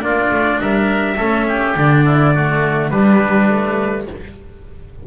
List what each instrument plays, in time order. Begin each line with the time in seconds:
0.00 double bass A#3, cello D4, oboe F4, trumpet D5
0.31 double bass A3
0.61 double bass G3, oboe A#4, trumpet E5
1.17 double bass A3, cello C#4, oboe A4
1.49 oboe G4
1.77 double bass D3, cello D4, trumpet D5
2.05 oboe E4
2.35 cello A3, oboe F#4
2.91 double bass G3, cello G3, oboe D4, trumpet B4
3.50 cello A3